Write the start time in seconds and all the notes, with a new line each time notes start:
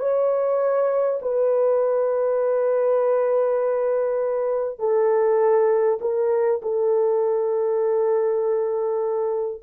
0.00 C#5
1.22 B4
4.79 A4
6.02 A#4
6.62 A4